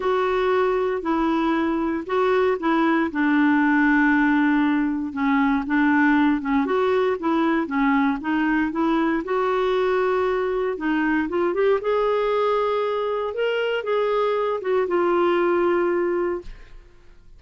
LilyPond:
\new Staff \with { instrumentName = "clarinet" } { \time 4/4 \tempo 4 = 117 fis'2 e'2 | fis'4 e'4 d'2~ | d'2 cis'4 d'4~ | d'8 cis'8 fis'4 e'4 cis'4 |
dis'4 e'4 fis'2~ | fis'4 dis'4 f'8 g'8 gis'4~ | gis'2 ais'4 gis'4~ | gis'8 fis'8 f'2. | }